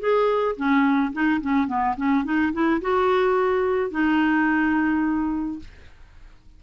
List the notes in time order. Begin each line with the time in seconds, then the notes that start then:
0.00 G#4
0.57 C#4
1.13 D#4
1.41 C#4
1.68 B3
1.97 C#4
2.25 D#4
2.53 E4
2.81 F#4
3.92 D#4